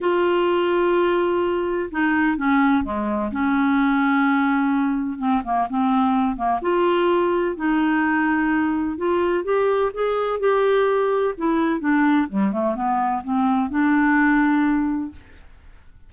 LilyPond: \new Staff \with { instrumentName = "clarinet" } { \time 4/4 \tempo 4 = 127 f'1 | dis'4 cis'4 gis4 cis'4~ | cis'2. c'8 ais8 | c'4. ais8 f'2 |
dis'2. f'4 | g'4 gis'4 g'2 | e'4 d'4 g8 a8 b4 | c'4 d'2. | }